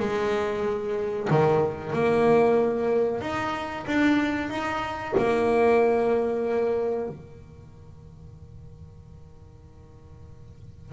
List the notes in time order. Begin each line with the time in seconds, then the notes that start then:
0.00 G#3
1.30 D#3
1.94 A#3
3.21 D#4
3.87 D4
4.50 D#4
5.18 A#3
7.09 D#3